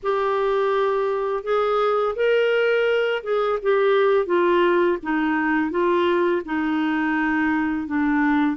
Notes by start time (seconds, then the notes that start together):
0.02 G4
1.43 G#4
2.15 A#4
3.23 G#4
3.62 G4
4.26 F4
5.02 D#4
5.70 F4
6.44 D#4
7.87 D4